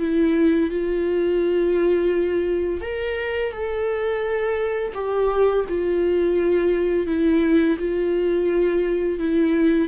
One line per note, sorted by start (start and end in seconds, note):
0.00 0.71 E4
0.71 2.82 F4
2.82 3.52 A#4
3.52 4.93 A4
4.95 5.65 G4
5.69 7.07 F4
7.07 7.78 E4
7.79 9.20 F4
9.20 9.89 E4